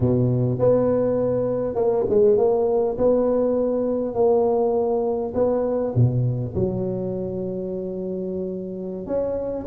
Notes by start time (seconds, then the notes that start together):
0.00 B2
0.59 B3
1.75 A#3
2.09 G#3
2.37 A#3
2.97 B3
4.14 A#3
5.34 B3
5.95 B2
6.54 F#3
9.06 C#4